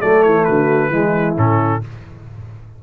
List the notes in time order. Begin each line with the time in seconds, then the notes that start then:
0.00 F#3 A3 A4 D5
0.23 E3 C#5
0.44 D3 F#4 B4
0.90 E3 G#3 E4
1.36 A2 C#4 A4